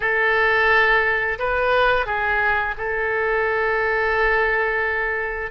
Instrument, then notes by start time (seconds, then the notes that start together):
oboe
0.00 A4
1.38 B4
2.06 G#4
2.77 A4